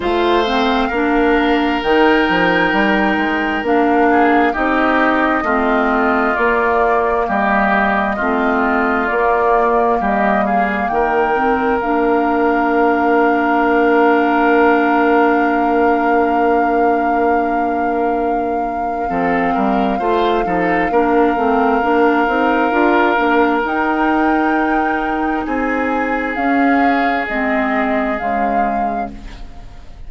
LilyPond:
<<
  \new Staff \with { instrumentName = "flute" } { \time 4/4 \tempo 4 = 66 f''2 g''2 | f''4 dis''2 d''4 | dis''2 d''4 dis''8 f''8 | g''4 f''2.~ |
f''1~ | f''1~ | f''2 g''2 | gis''4 f''4 dis''4 f''4 | }
  \new Staff \with { instrumentName = "oboe" } { \time 4/4 c''4 ais'2.~ | ais'8 gis'8 g'4 f'2 | g'4 f'2 g'8 gis'8 | ais'1~ |
ais'1~ | ais'4 a'8 ais'8 c''8 a'8 ais'4~ | ais'1 | gis'1 | }
  \new Staff \with { instrumentName = "clarinet" } { \time 4/4 f'8 c'8 d'4 dis'2 | d'4 dis'4 c'4 ais4~ | ais4 c'4 ais2~ | ais8 c'8 d'2.~ |
d'1~ | d'4 c'4 f'8 dis'8 d'8 c'8 | d'8 dis'8 f'8 d'8 dis'2~ | dis'4 cis'4 c'4 gis4 | }
  \new Staff \with { instrumentName = "bassoon" } { \time 4/4 a4 ais4 dis8 f8 g8 gis8 | ais4 c'4 a4 ais4 | g4 a4 ais4 g4 | dis4 ais2.~ |
ais1~ | ais4 f8 g8 a8 f8 ais8 a8 | ais8 c'8 d'8 ais8 dis'2 | c'4 cis'4 gis4 cis4 | }
>>